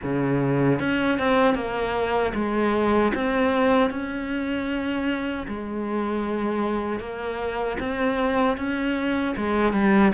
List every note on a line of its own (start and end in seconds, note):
0.03 0.79 C#3
0.79 1.18 C#4
1.18 1.54 C4
1.54 2.32 A#3
2.34 3.12 G#3
3.14 3.90 C4
3.90 5.46 C#4
5.47 6.99 G#3
6.99 7.77 A#3
7.79 8.57 C4
8.57 9.35 C#4
9.36 9.73 G#3
9.73 10.12 G3